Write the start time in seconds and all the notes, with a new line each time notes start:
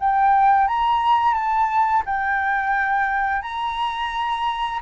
0.00 G5
0.68 A#5
1.34 A5
2.06 G5
3.42 A#5